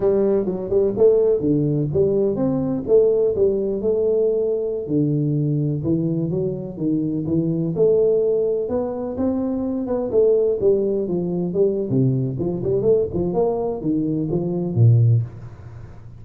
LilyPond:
\new Staff \with { instrumentName = "tuba" } { \time 4/4 \tempo 4 = 126 g4 fis8 g8 a4 d4 | g4 c'4 a4 g4 | a2~ a16 d4.~ d16~ | d16 e4 fis4 dis4 e8.~ |
e16 a2 b4 c'8.~ | c'8. b8 a4 g4 f8.~ | f16 g8. c4 f8 g8 a8 f8 | ais4 dis4 f4 ais,4 | }